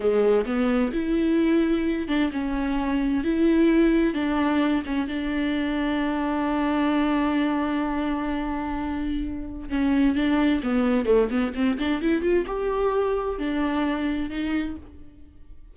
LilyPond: \new Staff \with { instrumentName = "viola" } { \time 4/4 \tempo 4 = 130 gis4 b4 e'2~ | e'8 d'8 cis'2 e'4~ | e'4 d'4. cis'8 d'4~ | d'1~ |
d'1~ | d'4 cis'4 d'4 b4 | a8 b8 c'8 d'8 e'8 f'8 g'4~ | g'4 d'2 dis'4 | }